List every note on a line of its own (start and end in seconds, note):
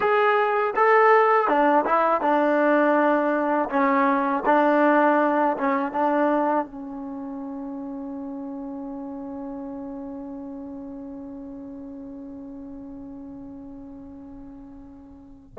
0.00 0.74 G#4
0.76 1.47 A4
1.47 1.85 D4
1.85 2.21 E4
2.21 3.69 D4
3.69 4.43 C#4
4.45 5.56 D4
5.57 5.92 C#4
5.92 6.65 D4
6.65 15.54 C#4